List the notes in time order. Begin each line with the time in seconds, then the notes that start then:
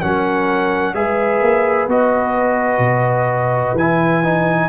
0.00 F#3 C#4 A#4 F#5
0.94 G#3 G#4 B4 E5
1.41 A#3
1.87 B3 F#4 D#5
2.78 B2
3.74 E3 E4 G#5
4.23 D#4